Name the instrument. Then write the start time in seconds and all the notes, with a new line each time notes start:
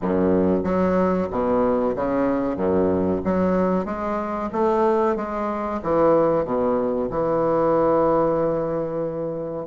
bassoon
0.01 F#2
0.63 F#3
1.30 B2
1.95 C#3
2.56 F#2
3.24 F#3
3.85 G#3
4.52 A3
5.16 G#3
5.82 E3
6.44 B2
7.09 E3